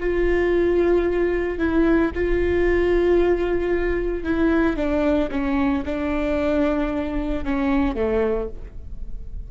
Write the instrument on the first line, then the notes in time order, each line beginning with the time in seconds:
viola
0.00 F4
1.58 E4
2.15 F4
4.24 E4
4.76 D4
5.31 C#4
5.85 D4
7.45 C#4
7.95 A3